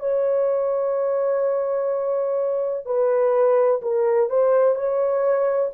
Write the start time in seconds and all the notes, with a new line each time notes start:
0.00 C#5
2.86 B4
3.82 A#4
4.30 C5
4.75 C#5